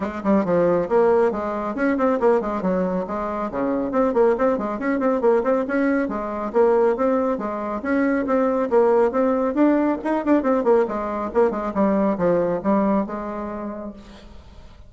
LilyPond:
\new Staff \with { instrumentName = "bassoon" } { \time 4/4 \tempo 4 = 138 gis8 g8 f4 ais4 gis4 | cis'8 c'8 ais8 gis8 fis4 gis4 | cis4 c'8 ais8 c'8 gis8 cis'8 c'8 | ais8 c'8 cis'4 gis4 ais4 |
c'4 gis4 cis'4 c'4 | ais4 c'4 d'4 dis'8 d'8 | c'8 ais8 gis4 ais8 gis8 g4 | f4 g4 gis2 | }